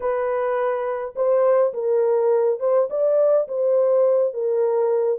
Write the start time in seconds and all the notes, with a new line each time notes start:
0.00 B4
1.15 C5
1.73 A#4
2.59 C5
2.90 D5
3.47 C5
4.33 A#4